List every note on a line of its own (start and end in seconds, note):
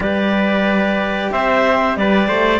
0.00 1.29 G3
0.00 2.60 G4
0.00 1.32 B4
0.00 1.31 D5
1.31 1.96 C4
1.31 1.97 C5
1.31 1.96 E5
1.96 2.28 G3
1.96 2.27 B4
1.96 2.60 D5
2.27 2.60 A3
2.27 2.60 C5